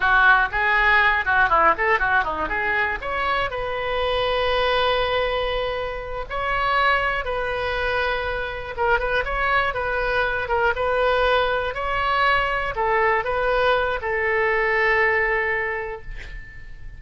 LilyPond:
\new Staff \with { instrumentName = "oboe" } { \time 4/4 \tempo 4 = 120 fis'4 gis'4. fis'8 e'8 a'8 | fis'8 dis'8 gis'4 cis''4 b'4~ | b'1~ | b'8 cis''2 b'4.~ |
b'4. ais'8 b'8 cis''4 b'8~ | b'4 ais'8 b'2 cis''8~ | cis''4. a'4 b'4. | a'1 | }